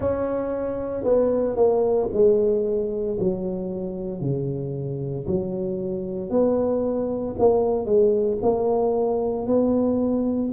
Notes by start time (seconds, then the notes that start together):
0.00 C#4
1.03 B3
1.56 A#3
2.12 G#3
3.19 F#3
4.21 C#3
5.26 F#3
6.30 B3
7.39 A#3
7.85 G#3
8.42 A#3
9.46 B3